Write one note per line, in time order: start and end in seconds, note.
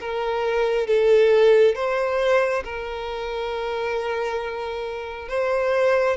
0.00 0.87 A#4
0.87 1.75 A4
1.75 2.63 C5
2.64 5.28 A#4
5.28 6.16 C5